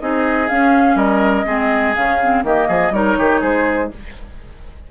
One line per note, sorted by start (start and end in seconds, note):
0.00 0.50 C4
0.00 0.49 D#4
0.00 0.97 G#4
0.00 0.49 D#5
0.49 0.95 C#4
0.49 1.46 C#4
0.49 0.97 F5
0.95 1.44 G3
0.95 1.45 A#4
0.95 1.95 D#5
1.46 1.95 G#3
1.46 1.95 C4
1.46 2.44 G#4
1.95 2.43 C#3
1.95 2.21 C#4
1.95 2.44 F5
2.22 2.44 C4
2.43 2.68 D#3
2.43 2.93 A#3
2.43 2.68 G4
2.43 2.94 D#5
2.68 2.91 F3
2.68 2.92 G#4
2.91 3.15 G3
2.91 3.91 D#4
2.91 3.18 A#4
2.91 3.42 C#5
3.18 3.42 D#3
3.18 3.41 G4
3.41 3.91 G#3
3.41 3.90 G#4
3.41 3.91 C5